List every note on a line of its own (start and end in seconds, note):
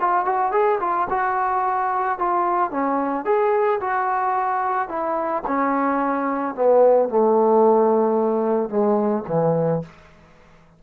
0.00 0.25 F4
0.25 0.52 F#4
0.52 0.79 G#4
0.80 1.08 F4
1.10 2.19 F#4
2.19 2.71 F4
2.71 3.25 C#4
3.25 3.80 G#4
3.81 4.88 F#4
4.88 5.43 E4
5.47 6.55 C#4
6.55 7.09 B3
7.09 8.69 A3
8.69 9.24 G#3
9.28 9.82 E3